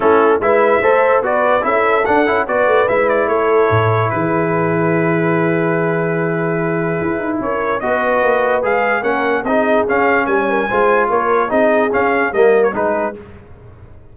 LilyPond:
<<
  \new Staff \with { instrumentName = "trumpet" } { \time 4/4 \tempo 4 = 146 a'4 e''2 d''4 | e''4 fis''4 d''4 e''8 d''8 | cis''2 b'2~ | b'1~ |
b'2 cis''4 dis''4~ | dis''4 f''4 fis''4 dis''4 | f''4 gis''2 cis''4 | dis''4 f''4 dis''8. cis''16 b'4 | }
  \new Staff \with { instrumentName = "horn" } { \time 4/4 e'4 b'4 c''4 b'4 | a'2 b'2 | a'2 gis'2~ | gis'1~ |
gis'2 ais'4 b'4~ | b'2 ais'4 gis'4~ | gis'4 ais'16 cis''16 ais'8 c''4 ais'4 | gis'2 ais'4 gis'4 | }
  \new Staff \with { instrumentName = "trombone" } { \time 4/4 cis'4 e'4 a'4 fis'4 | e'4 d'8 e'8 fis'4 e'4~ | e'1~ | e'1~ |
e'2. fis'4~ | fis'4 gis'4 cis'4 dis'4 | cis'2 f'2 | dis'4 cis'4 ais4 dis'4 | }
  \new Staff \with { instrumentName = "tuba" } { \time 4/4 a4 gis4 a4 b4 | cis'4 d'8 cis'8 b8 a8 gis4 | a4 a,4 e2~ | e1~ |
e4 e'8 dis'8 cis'4 b4 | ais4 gis4 ais4 c'4 | cis'4 g4 gis4 ais4 | c'4 cis'4 g4 gis4 | }
>>